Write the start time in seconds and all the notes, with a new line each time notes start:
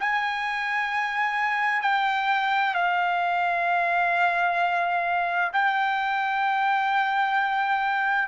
0.00 G#5
1.82 G5
2.74 F5
5.53 G5